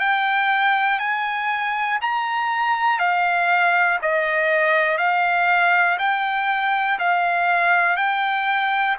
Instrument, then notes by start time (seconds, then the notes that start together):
trumpet
0.00 G5
0.99 G#5
2.02 A#5
2.99 F5
4.02 D#5
4.98 F5
5.99 G5
6.99 F5
7.97 G5